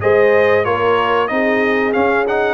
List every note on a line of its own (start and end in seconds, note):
0.00 0.66 G#3
0.00 0.64 G#4
0.00 0.64 C5
0.00 0.64 D#5
0.64 1.30 A#3
0.64 1.28 F4
0.64 1.29 A#4
0.64 1.27 C#5
1.27 1.94 C4
1.27 1.93 D#4
1.27 2.54 G#4
1.27 1.92 D#5
1.92 2.25 C#4
1.92 2.54 C#4
1.92 2.25 F5
2.27 2.54 D#4
2.27 2.54 F#5